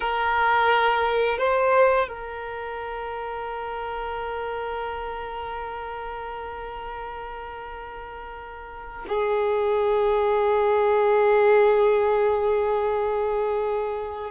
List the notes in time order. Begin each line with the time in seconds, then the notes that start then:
0.00 A#4
1.38 C5
2.08 A#4
9.08 G#4